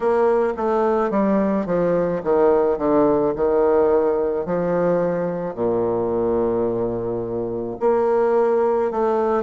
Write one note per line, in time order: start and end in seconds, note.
0.00 0.53 A#3
0.56 1.10 A3
1.10 1.66 G3
1.66 2.21 F3
2.23 2.78 D#3
2.78 3.33 D3
3.35 4.45 D#3
4.45 5.55 F3
5.55 7.77 A#2
7.80 8.91 A#3
8.91 9.43 A3